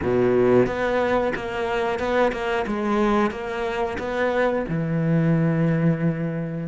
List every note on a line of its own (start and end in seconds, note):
0.02 0.66 B2
0.66 1.33 B3
1.35 1.99 A#3
1.99 2.32 B3
2.32 2.65 A#3
2.66 3.31 G#3
3.31 3.97 A#3
3.98 4.65 B3
4.68 6.67 E3